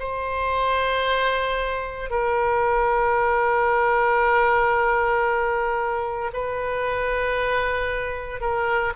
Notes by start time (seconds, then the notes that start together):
0.00 C5
2.11 A#4
6.33 B4
8.41 A#4